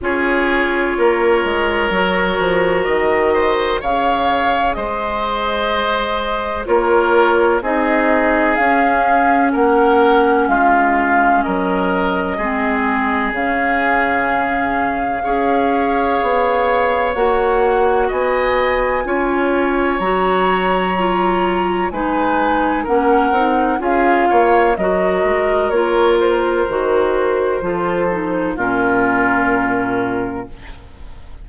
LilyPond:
<<
  \new Staff \with { instrumentName = "flute" } { \time 4/4 \tempo 4 = 63 cis''2. dis''4 | f''4 dis''2 cis''4 | dis''4 f''4 fis''4 f''4 | dis''2 f''2~ |
f''2 fis''4 gis''4~ | gis''4 ais''2 gis''4 | fis''4 f''4 dis''4 cis''8 c''8~ | c''2 ais'2 | }
  \new Staff \with { instrumentName = "oboe" } { \time 4/4 gis'4 ais'2~ ais'8 c''8 | cis''4 c''2 ais'4 | gis'2 ais'4 f'4 | ais'4 gis'2. |
cis''2. dis''4 | cis''2. b'4 | ais'4 gis'8 cis''8 ais'2~ | ais'4 a'4 f'2 | }
  \new Staff \with { instrumentName = "clarinet" } { \time 4/4 f'2 fis'2 | gis'2. f'4 | dis'4 cis'2.~ | cis'4 c'4 cis'2 |
gis'2 fis'2 | f'4 fis'4 f'4 dis'4 | cis'8 dis'8 f'4 fis'4 f'4 | fis'4 f'8 dis'8 cis'2 | }
  \new Staff \with { instrumentName = "bassoon" } { \time 4/4 cis'4 ais8 gis8 fis8 f8 dis4 | cis4 gis2 ais4 | c'4 cis'4 ais4 gis4 | fis4 gis4 cis2 |
cis'4 b4 ais4 b4 | cis'4 fis2 gis4 | ais8 c'8 cis'8 ais8 fis8 gis8 ais4 | dis4 f4 ais,2 | }
>>